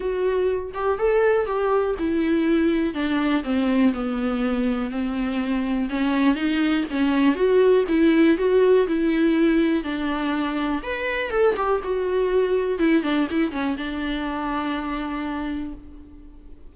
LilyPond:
\new Staff \with { instrumentName = "viola" } { \time 4/4 \tempo 4 = 122 fis'4. g'8 a'4 g'4 | e'2 d'4 c'4 | b2 c'2 | cis'4 dis'4 cis'4 fis'4 |
e'4 fis'4 e'2 | d'2 b'4 a'8 g'8 | fis'2 e'8 d'8 e'8 cis'8 | d'1 | }